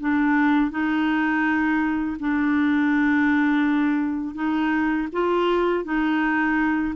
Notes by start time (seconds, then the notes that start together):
0.00 D4
0.71 D#4
2.20 D4
4.35 D#4
5.12 F4
5.85 D#4